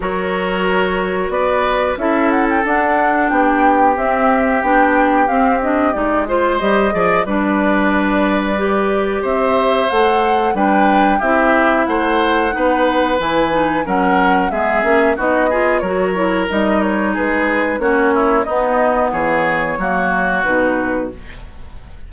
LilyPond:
<<
  \new Staff \with { instrumentName = "flute" } { \time 4/4 \tempo 4 = 91 cis''2 d''4 e''8 fis''16 g''16 | fis''4 g''4 e''4 g''4 | f''8 dis''8 d''8 c''8 dis''4 d''4~ | d''2 e''4 fis''4 |
g''4 e''4 fis''2 | gis''4 fis''4 e''4 dis''4 | cis''4 dis''8 cis''8 b'4 cis''4 | dis''4 cis''2 b'4 | }
  \new Staff \with { instrumentName = "oboe" } { \time 4/4 ais'2 b'4 a'4~ | a'4 g'2.~ | g'4. c''4 d''8 b'4~ | b'2 c''2 |
b'4 g'4 c''4 b'4~ | b'4 ais'4 gis'4 fis'8 gis'8 | ais'2 gis'4 fis'8 e'8 | dis'4 gis'4 fis'2 | }
  \new Staff \with { instrumentName = "clarinet" } { \time 4/4 fis'2. e'4 | d'2 c'4 d'4 | c'8 d'8 dis'8 f'8 g'8 gis'8 d'4~ | d'4 g'2 a'4 |
d'4 e'2 dis'4 | e'8 dis'8 cis'4 b8 cis'8 dis'8 f'8 | fis'8 e'8 dis'2 cis'4 | b2 ais4 dis'4 | }
  \new Staff \with { instrumentName = "bassoon" } { \time 4/4 fis2 b4 cis'4 | d'4 b4 c'4 b4 | c'4 gis4 g8 f8 g4~ | g2 c'4 a4 |
g4 c'4 a4 b4 | e4 fis4 gis8 ais8 b4 | fis4 g4 gis4 ais4 | b4 e4 fis4 b,4 | }
>>